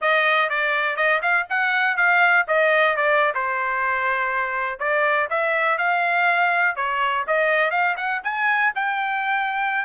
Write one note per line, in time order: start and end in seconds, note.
0.01 0.49 D#5
0.49 0.96 D5
0.96 1.20 D#5
1.22 1.46 F5
1.49 1.96 F#5
1.96 2.45 F5
2.47 2.96 D#5
2.96 3.33 D5
3.34 4.79 C5
4.79 5.28 D5
5.29 5.78 E5
5.78 6.76 F5
6.76 7.25 C#5
7.27 7.71 D#5
7.71 7.95 F5
7.96 8.21 F#5
8.23 8.73 G#5
8.75 9.85 G5